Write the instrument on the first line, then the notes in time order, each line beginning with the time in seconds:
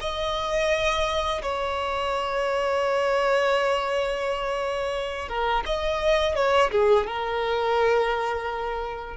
violin
0.00 D#5
1.42 C#5
5.28 A#4
5.65 D#5
6.35 C#5
6.71 G#4
7.06 A#4